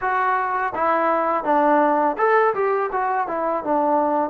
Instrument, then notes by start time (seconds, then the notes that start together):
trombone
0.01 F#4
0.74 E4
1.44 D4
2.17 A4
2.54 G4
2.91 F#4
3.27 E4
3.63 D4